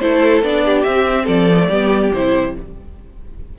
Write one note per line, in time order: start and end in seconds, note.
0.00 0.42 A3
0.00 0.43 E4
0.00 0.65 A4
0.00 0.42 C5
0.42 0.85 B3
0.42 0.86 D4
0.42 0.83 D5
0.65 1.25 G4
0.83 1.28 C4
0.83 1.50 C4
0.83 1.26 E5
1.25 1.70 F3
1.25 1.67 A4
1.25 2.12 D5
1.52 1.60 B3
1.60 1.71 A3
1.69 2.12 G3
1.69 2.13 B3
1.69 2.54 G4
2.14 2.56 C3
2.14 2.58 E4
2.14 2.56 C5